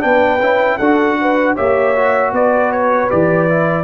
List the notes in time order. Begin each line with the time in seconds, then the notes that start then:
0.00 B3 D4 B4 G5
0.40 C#4 E4
0.78 D4 F#4 A4 F#5
1.21 B4
1.55 A#3 G4 C#5 E5
1.96 F#4
2.32 B3 B4 D5
2.72 C#5
3.10 E3 G4 D5
3.49 E4